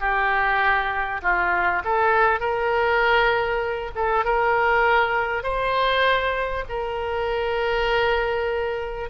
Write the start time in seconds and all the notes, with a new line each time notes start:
0.00 G4
1.22 F4
1.85 A4
2.40 A#4
3.95 A4
4.25 A#4
5.43 C5
6.69 A#4